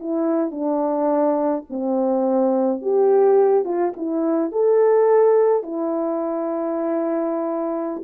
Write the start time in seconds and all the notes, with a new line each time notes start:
0.00 E4
0.51 D4
1.70 C4
2.82 G4
3.65 F4
3.97 E4
4.52 A4
5.63 E4